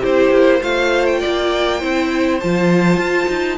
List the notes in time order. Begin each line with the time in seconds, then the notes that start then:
0.00 C4 E4 G4 C5
0.31 A#3
0.61 A3 F4 C5 F5
1.05 G5
1.20 A#3 D5
1.79 C4 E4 C5
2.39 F3 F4 A5
2.97 F4
3.28 D#4